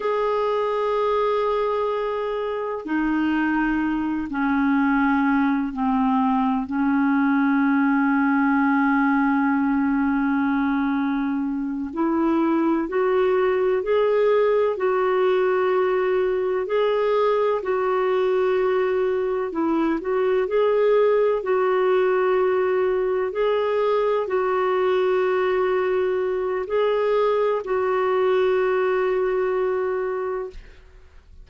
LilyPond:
\new Staff \with { instrumentName = "clarinet" } { \time 4/4 \tempo 4 = 63 gis'2. dis'4~ | dis'8 cis'4. c'4 cis'4~ | cis'1~ | cis'8 e'4 fis'4 gis'4 fis'8~ |
fis'4. gis'4 fis'4.~ | fis'8 e'8 fis'8 gis'4 fis'4.~ | fis'8 gis'4 fis'2~ fis'8 | gis'4 fis'2. | }